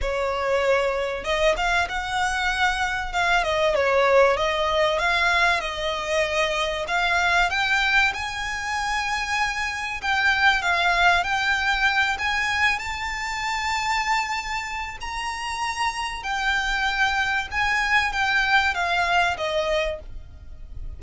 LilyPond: \new Staff \with { instrumentName = "violin" } { \time 4/4 \tempo 4 = 96 cis''2 dis''8 f''8 fis''4~ | fis''4 f''8 dis''8 cis''4 dis''4 | f''4 dis''2 f''4 | g''4 gis''2. |
g''4 f''4 g''4. gis''8~ | gis''8 a''2.~ a''8 | ais''2 g''2 | gis''4 g''4 f''4 dis''4 | }